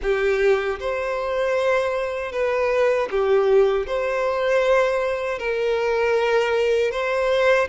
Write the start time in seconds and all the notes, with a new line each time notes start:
0.02 G4
0.79 C5
2.31 B4
3.10 G4
3.86 C5
5.38 A#4
6.91 C5